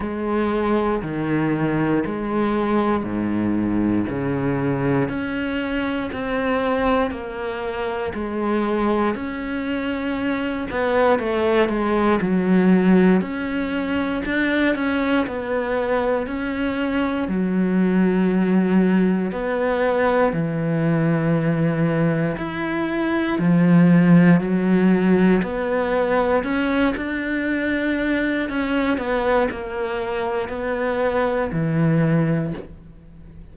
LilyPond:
\new Staff \with { instrumentName = "cello" } { \time 4/4 \tempo 4 = 59 gis4 dis4 gis4 gis,4 | cis4 cis'4 c'4 ais4 | gis4 cis'4. b8 a8 gis8 | fis4 cis'4 d'8 cis'8 b4 |
cis'4 fis2 b4 | e2 e'4 f4 | fis4 b4 cis'8 d'4. | cis'8 b8 ais4 b4 e4 | }